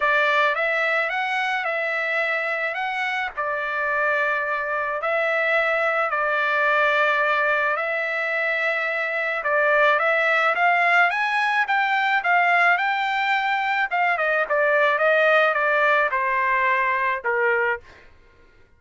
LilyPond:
\new Staff \with { instrumentName = "trumpet" } { \time 4/4 \tempo 4 = 108 d''4 e''4 fis''4 e''4~ | e''4 fis''4 d''2~ | d''4 e''2 d''4~ | d''2 e''2~ |
e''4 d''4 e''4 f''4 | gis''4 g''4 f''4 g''4~ | g''4 f''8 dis''8 d''4 dis''4 | d''4 c''2 ais'4 | }